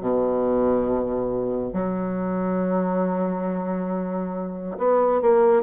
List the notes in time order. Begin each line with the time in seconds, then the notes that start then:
0.00 B2
1.73 F#3
4.77 B3
5.21 A#3